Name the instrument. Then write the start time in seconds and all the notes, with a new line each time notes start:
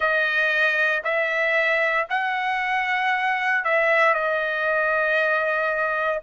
trumpet
0.00 D#5
1.03 E5
2.09 F#5
3.64 E5
4.14 D#5